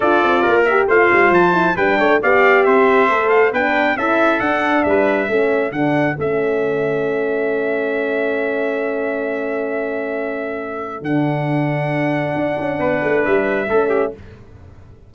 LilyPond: <<
  \new Staff \with { instrumentName = "trumpet" } { \time 4/4 \tempo 4 = 136 d''4. e''8 f''4 a''4 | g''4 f''4 e''4. f''8 | g''4 e''4 fis''4 e''4~ | e''4 fis''4 e''2~ |
e''1~ | e''1~ | e''4 fis''2.~ | fis''2 e''2 | }
  \new Staff \with { instrumentName = "trumpet" } { \time 4/4 a'4 ais'4 c''2 | b'8 cis''8 d''4 c''2 | b'4 a'2 b'4 | a'1~ |
a'1~ | a'1~ | a'1~ | a'4 b'2 a'8 g'8 | }
  \new Staff \with { instrumentName = "horn" } { \time 4/4 f'4. g'8 f'4. e'8 | d'4 g'2 a'4 | d'4 e'4 d'2 | cis'4 d'4 cis'2~ |
cis'1~ | cis'1~ | cis'4 d'2.~ | d'2. cis'4 | }
  \new Staff \with { instrumentName = "tuba" } { \time 4/4 d'8 c'8 ais4 a8 g8 f4 | g8 a8 b4 c'4 a4 | b4 cis'4 d'4 g4 | a4 d4 a2~ |
a1~ | a1~ | a4 d2. | d'8 cis'8 b8 a8 g4 a4 | }
>>